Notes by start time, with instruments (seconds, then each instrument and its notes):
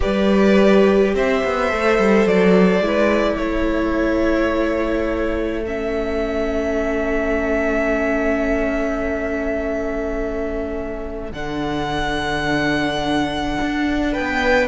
0.00 cello G3, viola G4, violin B4 D5
1.14 cello C4, violin C5 E5
1.44 cello B3
1.70 cello A3, viola A4
1.98 cello G3
2.25 cello F#3, violin D5
2.80 cello G#3, viola E4, violin B4
3.36 cello A3, violin A4 C#5
5.65 viola C#4, violin E5
11.31 cello D3, viola D4, violin F#5
13.61 cello D4
14.12 violin B4 G5
14.18 cello B3